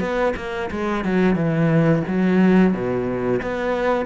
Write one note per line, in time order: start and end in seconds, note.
0.00 0.34 B3
0.36 0.70 A#3
0.71 1.04 G#3
1.04 1.35 F#3
1.35 2.03 E3
2.08 2.73 F#3
2.73 3.41 B2
3.42 4.05 B3